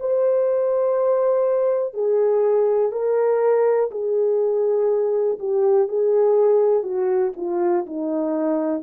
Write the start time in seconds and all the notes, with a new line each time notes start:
0.00 C5
1.94 G#4
2.92 A#4
3.91 G#4
5.39 G4
5.88 G#4
6.84 F#4
7.37 F4
7.86 D#4